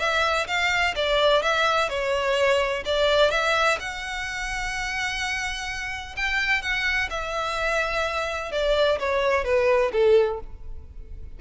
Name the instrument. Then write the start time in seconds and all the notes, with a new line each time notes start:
violin
0.00 E5
0.47 F5
0.96 D5
1.43 E5
1.89 C#5
2.86 D5
3.31 E5
3.80 F#5
6.17 G5
6.62 F#5
7.11 E5
8.52 D5
9.00 C#5
9.45 B4
9.93 A4